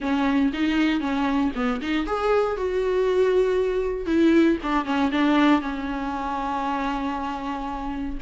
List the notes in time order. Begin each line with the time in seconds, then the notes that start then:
0.00 C#4
0.53 D#4
1.00 C#4
1.55 B3
1.81 D#4
2.06 G#4
2.56 F#4
4.06 E4
4.62 D4
4.85 C#4
5.11 D4
5.61 C#4